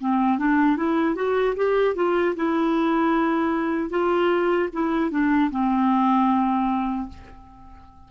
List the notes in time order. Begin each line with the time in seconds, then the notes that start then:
0.00 C4
0.38 D4
0.77 E4
1.15 F#4
1.56 G4
1.96 F4
2.36 E4
3.90 F4
4.73 E4
5.11 D4
5.51 C4